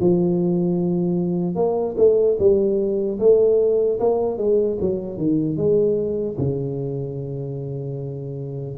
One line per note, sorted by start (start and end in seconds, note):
0.00 1.55 F3
1.55 1.95 A#3
1.97 2.37 A3
2.39 3.19 G3
3.19 3.99 A3
4.00 4.37 A#3
4.37 4.77 G#3
4.80 5.17 F#3
5.17 5.57 D#3
5.57 6.37 G#3
6.37 8.77 C#3